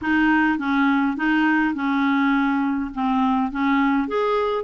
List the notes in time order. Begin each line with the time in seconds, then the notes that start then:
0.01 D#4
0.58 C#4
1.16 D#4
1.74 C#4
2.94 C4
3.51 C#4
4.08 G#4